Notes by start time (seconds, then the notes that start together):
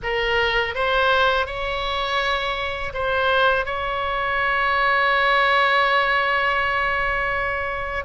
0.02 A#4
0.75 C5
1.46 C#5
2.93 C5
3.66 C#5